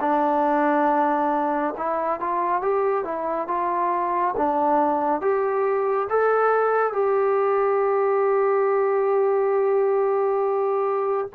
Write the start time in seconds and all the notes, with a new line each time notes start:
0.00 D4
1.77 E4
2.20 F4
2.62 G4
3.04 E4
3.47 F4
4.37 D4
5.21 G4
6.09 A4
6.92 G4